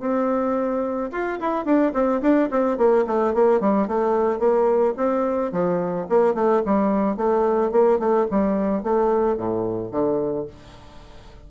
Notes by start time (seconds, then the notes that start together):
0.00 C4
1.11 F4
1.40 E4
1.65 D4
1.93 C4
2.21 D4
2.50 C4
2.77 A#3
3.07 A3
3.34 A#3
3.60 G3
3.88 A3
4.39 A#3
4.97 C4
5.52 F3
6.09 A#3
6.34 A3
6.65 G3
7.17 A3
7.71 A#3
7.99 A3
8.30 G3
8.83 A3
9.37 A2
9.91 D3